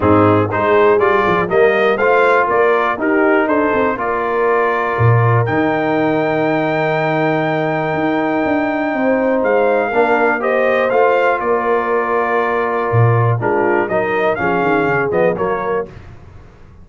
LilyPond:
<<
  \new Staff \with { instrumentName = "trumpet" } { \time 4/4 \tempo 4 = 121 gis'4 c''4 d''4 dis''4 | f''4 d''4 ais'4 c''4 | d''2. g''4~ | g''1~ |
g''2. f''4~ | f''4 dis''4 f''4 d''4~ | d''2. ais'4 | dis''4 f''4. dis''8 cis''4 | }
  \new Staff \with { instrumentName = "horn" } { \time 4/4 dis'4 gis'2 ais'4 | c''4 ais'4 g'4 a'4 | ais'1~ | ais'1~ |
ais'2 c''2 | ais'4 c''2 ais'4~ | ais'2. f'4 | ais'4 gis'2 ais'4 | }
  \new Staff \with { instrumentName = "trombone" } { \time 4/4 c'4 dis'4 f'4 ais4 | f'2 dis'2 | f'2. dis'4~ | dis'1~ |
dis'1 | d'4 g'4 f'2~ | f'2. d'4 | dis'4 cis'4. b8 ais4 | }
  \new Staff \with { instrumentName = "tuba" } { \time 4/4 gis,4 gis4 g8 f8 g4 | a4 ais4 dis'4 d'8 c'8 | ais2 ais,4 dis4~ | dis1 |
dis'4 d'4 c'4 gis4 | ais2 a4 ais4~ | ais2 ais,4 gis4 | fis4 f8 dis8 cis8 f8 fis4 | }
>>